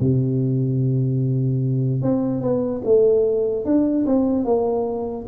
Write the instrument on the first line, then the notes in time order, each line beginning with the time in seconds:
tuba
0.00 C3
2.01 C4
2.40 B3
2.84 A3
3.64 D4
4.06 C4
4.44 A#3